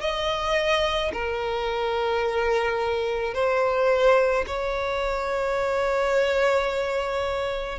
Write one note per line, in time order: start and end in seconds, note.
0.00 1.11 D#5
1.13 3.34 A#4
3.34 4.45 C5
4.47 7.79 C#5